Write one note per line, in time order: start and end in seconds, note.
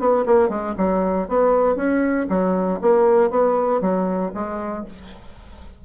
0.00 0.25 B3
0.26 0.49 A#3
0.49 0.75 G#3
0.78 1.29 F#3
1.29 1.76 B3
1.76 2.27 C#4
2.30 2.80 F#3
2.82 3.31 A#3
3.31 3.82 B3
3.82 4.32 F#3
4.35 4.86 G#3